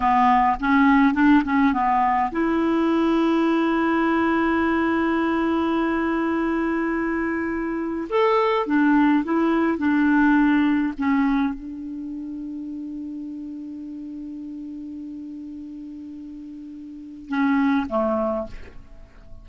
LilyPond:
\new Staff \with { instrumentName = "clarinet" } { \time 4/4 \tempo 4 = 104 b4 cis'4 d'8 cis'8 b4 | e'1~ | e'1~ | e'2 a'4 d'4 |
e'4 d'2 cis'4 | d'1~ | d'1~ | d'2 cis'4 a4 | }